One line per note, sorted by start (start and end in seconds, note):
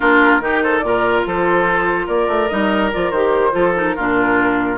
0.00 0.40 A#3
0.00 0.41 D4
0.00 0.41 F4
0.00 0.60 A#4
0.40 0.81 D#3
0.40 0.82 D#4
0.40 0.63 G4
0.62 0.84 A4
0.62 0.79 C5
0.79 1.24 A#2
0.79 2.49 F4
0.79 1.21 D5
0.86 1.27 A#4
1.26 2.07 F3
1.26 2.06 A4
1.26 2.08 C5
2.06 2.28 A#3
2.06 3.52 A#4
2.06 2.48 D5
2.28 2.49 A3
2.48 2.93 G3
2.48 2.91 D#4
2.48 2.90 D#5
2.92 3.11 F3
2.92 3.13 F4
2.92 3.10 D5
3.10 3.53 D#3
3.10 3.51 G4
3.10 3.73 C5
3.51 3.96 F3
3.51 3.72 F4
3.51 3.95 A4
3.75 3.96 D#4
3.75 4.78 A#4
3.95 4.78 A#2
3.95 4.78 D4
3.95 4.78 F4